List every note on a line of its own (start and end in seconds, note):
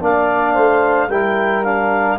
0.00 0.56 A#3
0.00 1.09 D4
0.00 0.53 D5
0.00 1.09 F5
0.53 1.09 A3
0.53 1.07 C5
1.09 2.18 G3
1.09 1.64 E4
1.09 2.18 A#4
1.09 1.63 G5
1.63 2.18 D4
1.63 2.18 F5